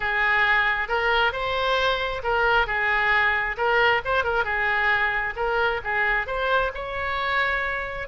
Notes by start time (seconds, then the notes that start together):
0.00 G#4
0.88 A#4
1.32 C5
2.23 A#4
2.66 G#4
3.57 A#4
4.04 C5
4.24 A#4
4.44 G#4
5.36 A#4
5.84 G#4
6.27 C5
6.74 C#5